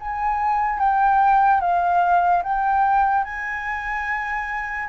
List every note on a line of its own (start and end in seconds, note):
0.00 0.79 G#5
0.79 1.61 G5
1.61 2.43 F5
2.43 3.24 G5
3.24 4.89 G#5